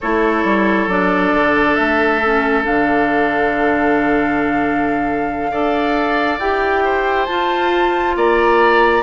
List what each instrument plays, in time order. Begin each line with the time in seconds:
0.00 bassoon A3, clarinet E4, oboe A4, flute C#5
0.44 bassoon G3
0.87 bassoon F#3, clarinet D4, flute D5
1.33 bassoon D3
1.74 bassoon A3, flute E5
2.24 clarinet C#4
2.63 bassoon D3, clarinet D4, flute F5
5.51 bassoon D4, clarinet A4, oboe D5
6.38 bassoon E4, clarinet G4, flute G5
6.83 oboe C5
7.25 bassoon F4, clarinet F4, flute A5
8.16 bassoon A#3, oboe D5, flute A#5